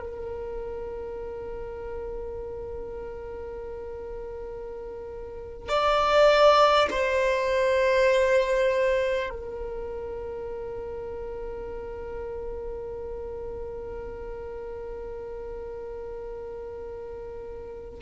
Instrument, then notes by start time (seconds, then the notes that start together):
violin
0.00 A#4
5.68 D5
6.90 C5
9.29 A#4